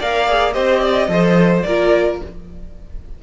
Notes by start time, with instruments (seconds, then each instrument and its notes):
0.00 cello A#3, viola A#4, violin D5 F5
0.29 viola G#4
0.53 cello C4, viola G4, violin C5 D#5
0.81 violin D5
1.09 cello F3, viola A4, violin C5
1.63 cello A#3, viola F4, violin A#4 D5